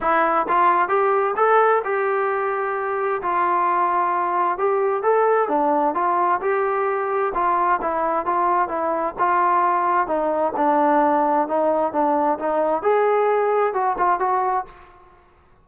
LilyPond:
\new Staff \with { instrumentName = "trombone" } { \time 4/4 \tempo 4 = 131 e'4 f'4 g'4 a'4 | g'2. f'4~ | f'2 g'4 a'4 | d'4 f'4 g'2 |
f'4 e'4 f'4 e'4 | f'2 dis'4 d'4~ | d'4 dis'4 d'4 dis'4 | gis'2 fis'8 f'8 fis'4 | }